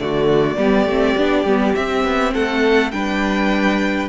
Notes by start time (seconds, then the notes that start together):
0.00 D3 A3 F#4 D5
0.57 G3 B3 G4
0.86 A3 C4
1.18 B3 D4
1.45 G3 B3
1.75 C4 E5
2.05 B3
2.34 A3 A4 F#5
2.92 G3 D4 B4 G5